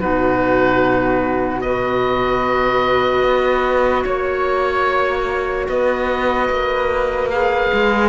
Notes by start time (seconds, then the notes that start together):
0.00 B2 D#4 F#4 B4
1.61 F#4 B4 D#5
3.23 B3
4.04 A#3 C#5
5.68 B3 B4 D#5
6.50 A#3
7.30 G#4 F5
7.73 G#3